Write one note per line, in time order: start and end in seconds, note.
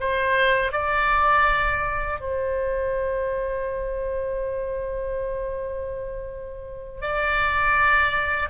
0.00 0.72 C5
0.72 2.20 D5
2.20 7.01 C5
7.01 8.49 D5